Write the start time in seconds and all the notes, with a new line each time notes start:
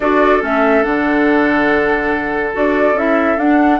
0.00 D4 F#4 A4 D5
0.41 A3 C#4 E5
0.83 D3 D4 F#5
2.52 D4 F#4 D5
2.93 C#4 E4 E5
3.37 D4 F#5